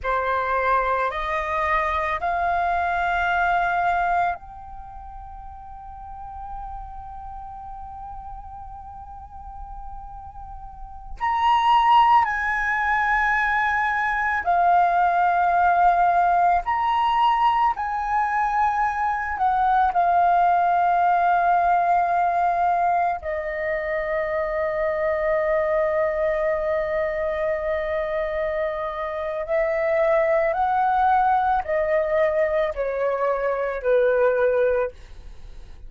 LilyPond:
\new Staff \with { instrumentName = "flute" } { \time 4/4 \tempo 4 = 55 c''4 dis''4 f''2 | g''1~ | g''2~ g''16 ais''4 gis''8.~ | gis''4~ gis''16 f''2 ais''8.~ |
ais''16 gis''4. fis''8 f''4.~ f''16~ | f''4~ f''16 dis''2~ dis''8.~ | dis''2. e''4 | fis''4 dis''4 cis''4 b'4 | }